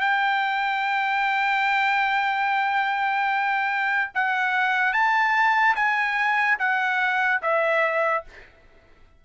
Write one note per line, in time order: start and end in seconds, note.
0.00 4.11 G5
4.14 4.93 F#5
4.93 5.75 A5
5.75 6.58 G#5
6.59 7.41 F#5
7.42 8.24 E5